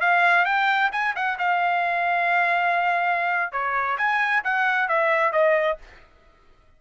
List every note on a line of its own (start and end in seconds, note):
0.00 0.45 F5
0.45 0.90 G5
0.92 1.14 G#5
1.15 1.38 F#5
1.38 3.51 F5
3.51 3.97 C#5
3.97 4.43 G#5
4.44 4.88 F#5
4.88 5.32 E5
5.32 5.77 D#5